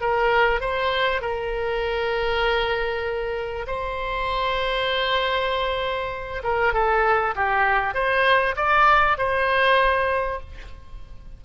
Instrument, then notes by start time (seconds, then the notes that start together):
oboe
0.00 A#4
0.60 C5
1.21 A#4
3.67 C5
6.43 A#4
6.73 A4
7.35 G4
7.94 C5
8.56 D5
9.18 C5